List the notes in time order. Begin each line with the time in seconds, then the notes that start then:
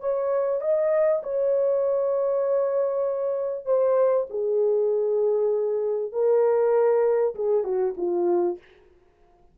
0.00 C#5
0.61 D#5
1.23 C#5
3.65 C5
4.30 G#4
6.12 A#4
7.35 G#4
7.63 F#4
7.97 F4